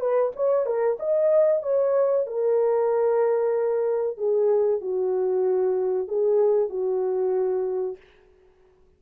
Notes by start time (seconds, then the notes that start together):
0.00 B4
0.36 C#5
0.66 A#4
1.00 D#5
1.62 C#5
2.26 A#4
4.17 G#4
4.81 F#4
6.08 G#4
6.69 F#4